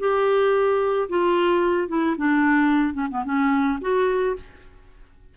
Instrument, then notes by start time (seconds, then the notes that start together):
clarinet
0.00 G4
1.10 F4
1.89 E4
2.18 D4
2.95 C#4
3.11 B3
3.25 C#4
3.82 F#4